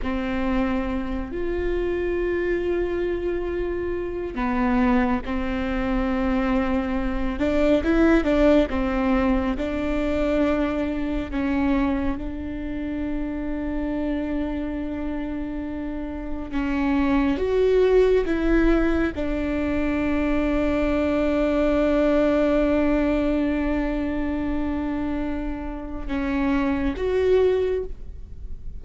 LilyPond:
\new Staff \with { instrumentName = "viola" } { \time 4/4 \tempo 4 = 69 c'4. f'2~ f'8~ | f'4 b4 c'2~ | c'8 d'8 e'8 d'8 c'4 d'4~ | d'4 cis'4 d'2~ |
d'2. cis'4 | fis'4 e'4 d'2~ | d'1~ | d'2 cis'4 fis'4 | }